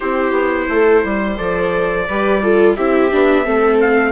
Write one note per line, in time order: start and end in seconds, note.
0.00 0.31 C4
0.00 1.37 E4
0.00 0.67 G4
0.00 1.37 C5
0.31 0.66 B3
0.69 1.03 A3
0.69 1.03 A4
1.03 1.38 G3
1.03 2.07 C5
1.37 2.07 F3
1.37 2.06 A4
1.37 2.75 D5
2.07 2.77 G3
2.07 2.42 G4
2.07 2.42 B4
2.42 2.77 F4
2.42 2.75 A4
2.75 3.11 C4
2.75 3.11 E4
2.75 3.44 G4
2.75 3.79 E5
3.11 3.46 B3
3.11 3.44 D4
3.44 4.12 A3
3.44 4.12 C4
3.44 4.12 A4
3.80 4.12 F5